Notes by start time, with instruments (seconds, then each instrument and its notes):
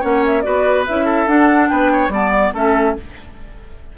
0.00 bassoon A#3, clarinet C#4, oboe C#5, flute F#5
0.26 flute E5
0.41 bassoon B3, clarinet F#4, oboe B4, flute D5
0.87 bassoon C#4, clarinet E4, flute E5
1.05 oboe A4
1.27 bassoon D4, clarinet D4, flute F#5
1.68 bassoon B3, oboe B4, flute G5
1.92 oboe C#5
2.08 bassoon G3, clarinet B3, oboe D5, flute A5
2.31 flute D5
2.54 bassoon A3, clarinet C#4, oboe A4, flute E5